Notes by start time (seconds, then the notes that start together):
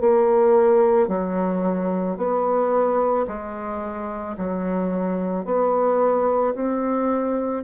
0.00 A#3
1.08 F#3
2.17 B3
3.27 G#3
4.37 F#3
5.44 B3
6.55 C4